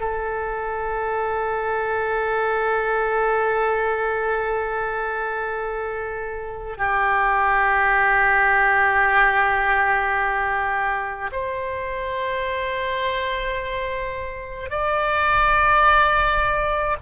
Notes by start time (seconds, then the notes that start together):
0.00 A4
6.77 G4
11.32 C5
14.70 D5